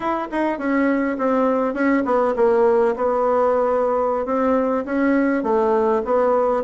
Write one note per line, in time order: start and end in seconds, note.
0.00 0.28 E4
0.31 0.58 D#4
0.58 1.17 C#4
1.18 1.74 C4
1.74 2.03 C#4
2.05 2.34 B3
2.36 2.95 A#3
2.95 4.25 B3
4.25 4.84 C4
4.85 5.43 C#4
5.43 6.02 A3
6.04 6.63 B3